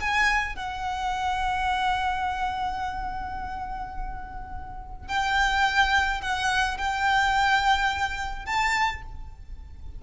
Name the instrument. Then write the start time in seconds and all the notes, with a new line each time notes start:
violin
0.00 G#5
0.56 F#5
5.08 G5
6.21 F#5
6.78 G5
8.46 A5